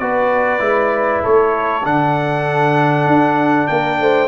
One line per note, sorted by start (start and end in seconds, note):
0.00 0.61 B3
0.00 0.60 F#4
0.00 1.24 B4
0.00 1.22 D5
0.60 1.22 G#3
0.60 1.82 E4
1.24 1.86 A3
1.24 3.69 A4
1.24 1.86 C#5
1.84 3.07 D3
1.84 4.29 D4
1.84 3.67 F#5
3.07 3.68 D4
3.67 4.00 A#3
3.67 4.01 A#4
3.67 4.29 G5
4.00 4.29 A3
4.00 4.29 C5